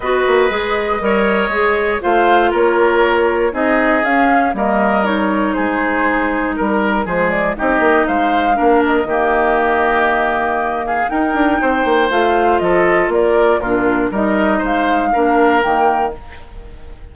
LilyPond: <<
  \new Staff \with { instrumentName = "flute" } { \time 4/4 \tempo 4 = 119 dis''1 | f''4 cis''2 dis''4 | f''4 dis''4 cis''4 c''4~ | c''4 ais'4 c''8 d''8 dis''4 |
f''4. dis''2~ dis''8~ | dis''4. f''8 g''2 | f''4 dis''4 d''4 ais'4 | dis''4 f''2 g''4 | }
  \new Staff \with { instrumentName = "oboe" } { \time 4/4 b'2 cis''2 | c''4 ais'2 gis'4~ | gis'4 ais'2 gis'4~ | gis'4 ais'4 gis'4 g'4 |
c''4 ais'4 g'2~ | g'4. gis'8 ais'4 c''4~ | c''4 a'4 ais'4 f'4 | ais'4 c''4 ais'2 | }
  \new Staff \with { instrumentName = "clarinet" } { \time 4/4 fis'4 gis'4 ais'4 gis'4 | f'2. dis'4 | cis'4 ais4 dis'2~ | dis'2 gis4 dis'4~ |
dis'4 d'4 ais2~ | ais2 dis'2 | f'2. d'4 | dis'2 d'4 ais4 | }
  \new Staff \with { instrumentName = "bassoon" } { \time 4/4 b8 ais8 gis4 g4 gis4 | a4 ais2 c'4 | cis'4 g2 gis4~ | gis4 g4 f4 c'8 ais8 |
gis4 ais4 dis2~ | dis2 dis'8 d'8 c'8 ais8 | a4 f4 ais4 ais,4 | g4 gis4 ais4 dis4 | }
>>